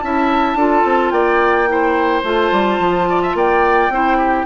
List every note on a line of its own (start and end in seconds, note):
0.00 0.55 C#4
0.00 0.58 E4
0.00 0.58 E5
0.00 1.11 A5
0.55 0.83 D4
0.55 1.67 F4
0.55 1.13 A4
0.85 1.12 C4
1.11 2.23 A#3
1.11 1.69 D5
1.11 2.22 G5
1.67 2.23 E4
1.67 3.09 C5
2.24 2.52 A3
2.24 3.91 F4
2.24 3.37 A5
2.52 2.79 G3
2.79 3.34 F3
3.09 3.22 D5
3.22 3.36 E5
3.34 3.90 A#3
3.34 3.93 D5
3.34 4.46 G5
3.90 4.45 C4
3.90 4.46 E4
3.90 4.18 C5
4.18 4.45 G4